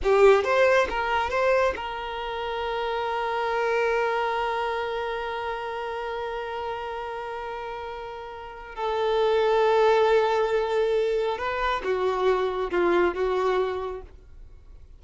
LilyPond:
\new Staff \with { instrumentName = "violin" } { \time 4/4 \tempo 4 = 137 g'4 c''4 ais'4 c''4 | ais'1~ | ais'1~ | ais'1~ |
ais'1 | a'1~ | a'2 b'4 fis'4~ | fis'4 f'4 fis'2 | }